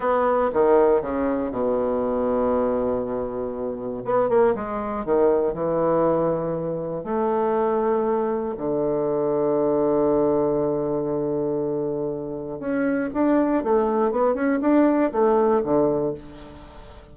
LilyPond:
\new Staff \with { instrumentName = "bassoon" } { \time 4/4 \tempo 4 = 119 b4 dis4 cis4 b,4~ | b,1 | b8 ais8 gis4 dis4 e4~ | e2 a2~ |
a4 d2.~ | d1~ | d4 cis'4 d'4 a4 | b8 cis'8 d'4 a4 d4 | }